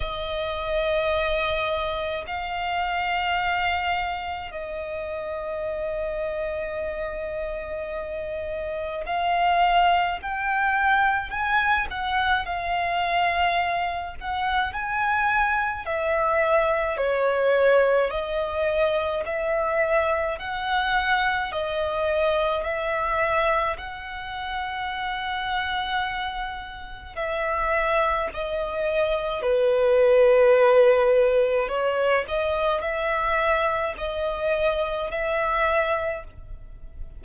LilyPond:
\new Staff \with { instrumentName = "violin" } { \time 4/4 \tempo 4 = 53 dis''2 f''2 | dis''1 | f''4 g''4 gis''8 fis''8 f''4~ | f''8 fis''8 gis''4 e''4 cis''4 |
dis''4 e''4 fis''4 dis''4 | e''4 fis''2. | e''4 dis''4 b'2 | cis''8 dis''8 e''4 dis''4 e''4 | }